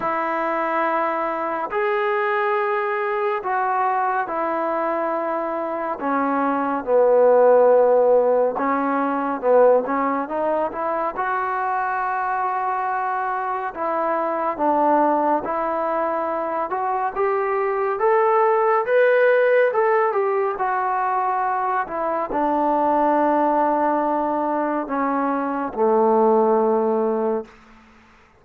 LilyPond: \new Staff \with { instrumentName = "trombone" } { \time 4/4 \tempo 4 = 70 e'2 gis'2 | fis'4 e'2 cis'4 | b2 cis'4 b8 cis'8 | dis'8 e'8 fis'2. |
e'4 d'4 e'4. fis'8 | g'4 a'4 b'4 a'8 g'8 | fis'4. e'8 d'2~ | d'4 cis'4 a2 | }